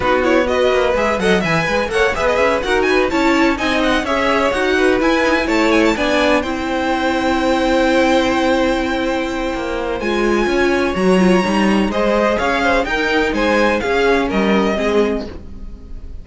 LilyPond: <<
  \new Staff \with { instrumentName = "violin" } { \time 4/4 \tempo 4 = 126 b'8 cis''8 dis''4 e''8 fis''8 gis''4 | fis''8 e''16 dis''16 e''8 fis''8 gis''8 a''4 gis''8 | fis''8 e''4 fis''4 gis''4 a''8 | gis''16 a''16 gis''4 g''2~ g''8~ |
g''1~ | g''4 gis''2 ais''4~ | ais''4 dis''4 f''4 g''4 | gis''4 f''4 dis''2 | }
  \new Staff \with { instrumentName = "violin" } { \time 4/4 fis'4 b'4. dis''8 e''8 b'8 | cis''8 b'4 ais'8 b'8 cis''4 dis''8~ | dis''8 cis''4. b'4. cis''8~ | cis''8 d''4 c''2~ c''8~ |
c''1~ | c''2 cis''2~ | cis''4 c''4 cis''8 c''8 ais'4 | c''4 gis'4 ais'4 gis'4 | }
  \new Staff \with { instrumentName = "viola" } { \time 4/4 dis'8 e'8 fis'4 gis'8 a'8 b'4 | a'8 gis'4 fis'4 e'4 dis'8~ | dis'8 gis'4 fis'4 e'8 dis'16 e'8.~ | e'8 d'4 e'2~ e'8~ |
e'1~ | e'4 f'2 fis'8 f'8 | dis'4 gis'2 dis'4~ | dis'4 cis'2 c'4 | }
  \new Staff \with { instrumentName = "cello" } { \time 4/4 b4. ais8 gis8 fis8 e8 gis8 | ais8 b8 cis'8 dis'4 cis'4 c'8~ | c'8 cis'4 dis'4 e'4 a8~ | a8 b4 c'2~ c'8~ |
c'1 | ais4 gis4 cis'4 fis4 | g4 gis4 cis'4 dis'4 | gis4 cis'4 g4 gis4 | }
>>